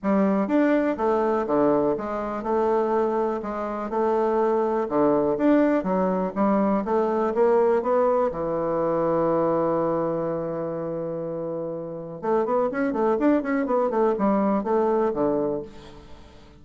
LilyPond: \new Staff \with { instrumentName = "bassoon" } { \time 4/4 \tempo 4 = 123 g4 d'4 a4 d4 | gis4 a2 gis4 | a2 d4 d'4 | fis4 g4 a4 ais4 |
b4 e2.~ | e1~ | e4 a8 b8 cis'8 a8 d'8 cis'8 | b8 a8 g4 a4 d4 | }